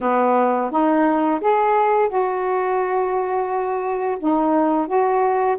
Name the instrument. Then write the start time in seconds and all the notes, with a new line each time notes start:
saxophone
0.01 B3
0.70 D#4
1.40 G#4
2.08 F#4
4.19 D#4
4.87 F#4